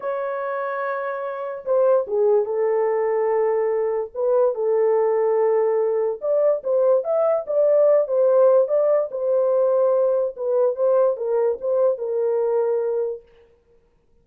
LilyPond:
\new Staff \with { instrumentName = "horn" } { \time 4/4 \tempo 4 = 145 cis''1 | c''4 gis'4 a'2~ | a'2 b'4 a'4~ | a'2. d''4 |
c''4 e''4 d''4. c''8~ | c''4 d''4 c''2~ | c''4 b'4 c''4 ais'4 | c''4 ais'2. | }